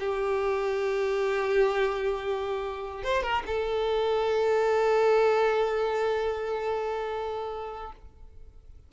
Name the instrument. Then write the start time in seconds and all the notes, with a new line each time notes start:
violin
0.00 G4
3.04 C5
3.23 A#4
3.47 A4